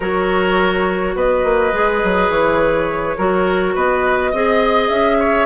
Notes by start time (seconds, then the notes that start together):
0.00 F#3 F#4 A#4 C#5
1.15 B3 B4 D#5
1.44 A#3
1.73 G#3 G#4
2.03 F#3
2.29 E3 C#5
3.17 F#3 F#4 A#4
3.74 B3 B4 D#5
4.31 C4 G#4 D#5
4.89 C#4 E5
5.19 C#5